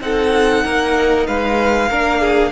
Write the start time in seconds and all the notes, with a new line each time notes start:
0.00 C4 D#4 A4 F#5
0.64 A#3 A#4
1.27 G#3 B4 F5
1.89 A#3 D4 A#4
2.21 G#4